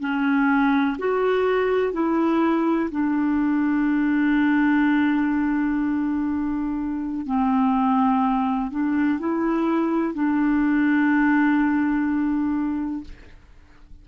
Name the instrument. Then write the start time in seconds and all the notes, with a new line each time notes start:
clarinet
0.00 C#4
0.98 F#4
1.93 E4
2.91 D4
7.26 C4
8.71 D4
9.19 E4
10.13 D4